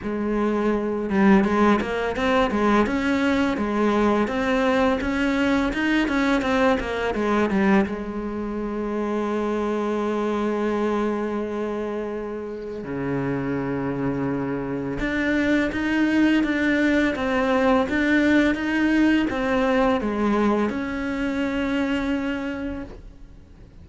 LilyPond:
\new Staff \with { instrumentName = "cello" } { \time 4/4 \tempo 4 = 84 gis4. g8 gis8 ais8 c'8 gis8 | cis'4 gis4 c'4 cis'4 | dis'8 cis'8 c'8 ais8 gis8 g8 gis4~ | gis1~ |
gis2 cis2~ | cis4 d'4 dis'4 d'4 | c'4 d'4 dis'4 c'4 | gis4 cis'2. | }